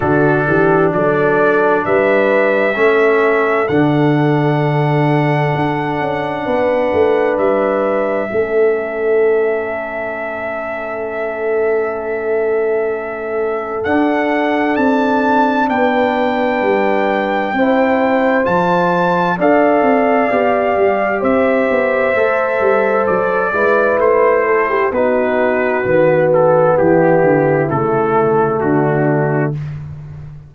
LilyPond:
<<
  \new Staff \with { instrumentName = "trumpet" } { \time 4/4 \tempo 4 = 65 a'4 d''4 e''2 | fis''1 | e''1~ | e''2. fis''4 |
a''4 g''2. | a''4 f''2 e''4~ | e''4 d''4 c''4 b'4~ | b'8 a'8 g'4 a'4 fis'4 | }
  \new Staff \with { instrumentName = "horn" } { \time 4/4 fis'8 g'8 a'4 b'4 a'4~ | a'2. b'4~ | b'4 a'2.~ | a'1~ |
a'4 b'2 c''4~ | c''4 d''2 c''4~ | c''4. b'4 a'16 g'16 fis'4~ | fis'4 e'2 d'4 | }
  \new Staff \with { instrumentName = "trombone" } { \time 4/4 d'2. cis'4 | d'1~ | d'4 cis'2.~ | cis'2. d'4~ |
d'2. e'4 | f'4 a'4 g'2 | a'4. e'4. dis'4 | b2 a2 | }
  \new Staff \with { instrumentName = "tuba" } { \time 4/4 d8 e8 fis4 g4 a4 | d2 d'8 cis'8 b8 a8 | g4 a2.~ | a2. d'4 |
c'4 b4 g4 c'4 | f4 d'8 c'8 b8 g8 c'8 b8 | a8 g8 fis8 gis8 a4 b4 | dis4 e8 d8 cis4 d4 | }
>>